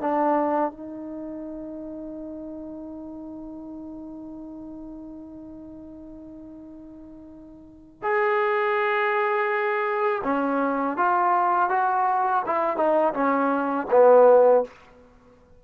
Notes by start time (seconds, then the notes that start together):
0.00 D4
0.71 D#4
8.02 G#4
10.23 C#4
10.96 F4
11.69 F#4
12.46 E4
12.76 D#4
13.13 C#4
13.91 B3